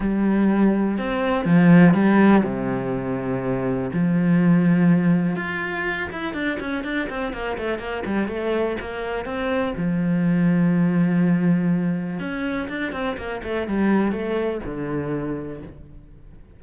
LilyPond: \new Staff \with { instrumentName = "cello" } { \time 4/4 \tempo 4 = 123 g2 c'4 f4 | g4 c2. | f2. f'4~ | f'8 e'8 d'8 cis'8 d'8 c'8 ais8 a8 |
ais8 g8 a4 ais4 c'4 | f1~ | f4 cis'4 d'8 c'8 ais8 a8 | g4 a4 d2 | }